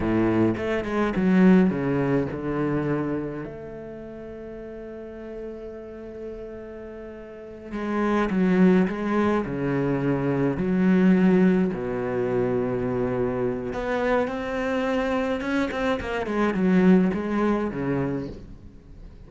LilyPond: \new Staff \with { instrumentName = "cello" } { \time 4/4 \tempo 4 = 105 a,4 a8 gis8 fis4 cis4 | d2 a2~ | a1~ | a4. gis4 fis4 gis8~ |
gis8 cis2 fis4.~ | fis8 b,2.~ b,8 | b4 c'2 cis'8 c'8 | ais8 gis8 fis4 gis4 cis4 | }